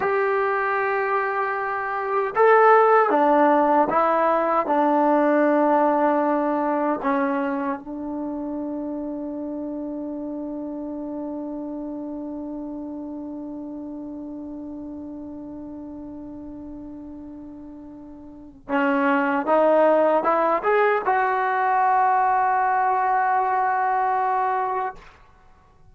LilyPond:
\new Staff \with { instrumentName = "trombone" } { \time 4/4 \tempo 4 = 77 g'2. a'4 | d'4 e'4 d'2~ | d'4 cis'4 d'2~ | d'1~ |
d'1~ | d'1 | cis'4 dis'4 e'8 gis'8 fis'4~ | fis'1 | }